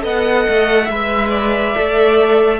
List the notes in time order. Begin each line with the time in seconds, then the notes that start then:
0.00 B3 A4 D#5
0.06 F#5
0.49 A3
0.84 G#3 E5
0.91 B4 E5
1.30 D5
1.75 A3 A4